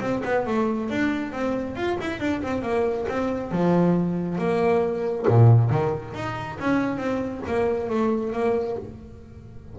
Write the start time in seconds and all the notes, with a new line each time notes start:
0.00 C4
0.24 B3
0.46 A3
0.89 D4
1.32 C4
1.75 F4
2.00 E4
2.19 D4
2.42 C4
2.62 A#3
3.08 C4
3.51 F3
4.38 A#3
5.28 A#2
5.70 D#3
6.14 D#4
6.60 C#4
6.97 C4
7.47 A#3
7.90 A3
8.32 A#3